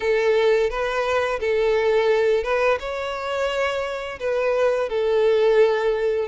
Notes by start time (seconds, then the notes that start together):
0.00 A4
0.69 B4
1.40 A4
2.43 B4
2.79 C#5
4.19 B4
4.89 A4